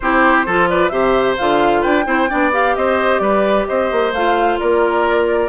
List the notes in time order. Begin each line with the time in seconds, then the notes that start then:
0.00 C4 E4 G4 C5
0.46 F3 F4 A4
0.68 B4 D5
0.89 C3 G4 C5 E5
1.37 D3 F4 F5
1.81 D4 B4 G5
2.05 C4 E4 C5
2.29 B3 D4 D5
2.52 G4 F5
2.75 C4 C5 D#5
3.18 G3 B4 D5
3.67 C4 C5 D#5
3.91 A#3
4.12 A3 F4 F5
4.59 A#3 A#4 D5